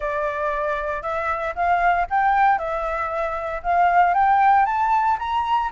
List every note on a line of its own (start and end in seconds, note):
0.00 1.02 D5
1.02 1.54 E5
1.55 2.06 F5
2.09 2.58 G5
2.58 3.61 E5
3.62 4.14 F5
4.14 4.65 G5
4.65 5.17 A5
5.19 5.70 A#5